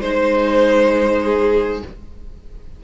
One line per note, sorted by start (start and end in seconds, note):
0.00 1.82 G#3
0.00 1.84 D#4
0.00 1.82 C5
0.00 1.23 C5
1.23 1.83 G#4